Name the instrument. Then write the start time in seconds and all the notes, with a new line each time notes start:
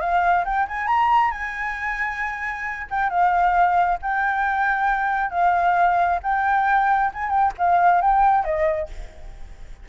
flute
0.00 F5
0.45 G5
0.68 G#5
0.87 A#5
1.32 G#5
2.91 G5
3.10 F5
4.02 G5
5.31 F5
6.23 G5
7.14 G#5
7.30 G5
7.58 F5
8.01 G5
8.44 D#5